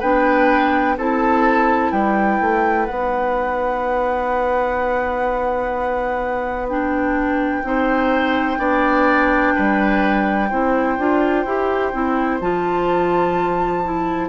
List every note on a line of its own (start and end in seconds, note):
0.00 0.97 B3
0.00 0.98 D4
0.00 0.95 B4
0.00 0.97 G5
0.98 1.92 C4
0.98 2.88 E4
0.98 1.92 A4
0.98 1.92 A5
1.92 2.40 G3
1.92 7.63 B4
1.92 2.86 G5
2.40 2.88 A3
2.86 7.63 B3
2.86 6.69 D#4
2.86 6.67 F#5
6.69 7.64 D4
6.69 12.40 G5
7.63 8.58 C4
7.63 8.58 D#4
7.63 8.59 C5
8.58 9.54 B3
8.58 10.49 D4
8.58 9.54 D5
9.55 10.52 G3
9.55 10.50 B4
10.50 10.99 C4
10.50 10.99 E4
10.50 14.29 C5
10.99 11.45 D4
10.99 11.46 F4
11.45 11.93 E4
11.45 11.93 G4
11.93 12.41 C4
11.93 12.41 E4
12.41 14.29 F3
12.41 13.84 F4
12.41 14.29 A5
13.84 14.29 E4